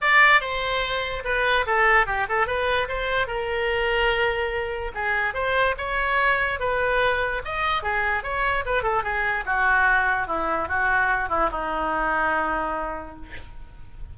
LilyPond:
\new Staff \with { instrumentName = "oboe" } { \time 4/4 \tempo 4 = 146 d''4 c''2 b'4 | a'4 g'8 a'8 b'4 c''4 | ais'1 | gis'4 c''4 cis''2 |
b'2 dis''4 gis'4 | cis''4 b'8 a'8 gis'4 fis'4~ | fis'4 e'4 fis'4. e'8 | dis'1 | }